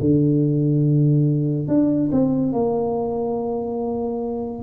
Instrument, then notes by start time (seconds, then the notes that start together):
tuba
0.00 D3
1.68 D4
2.12 C4
2.52 A#3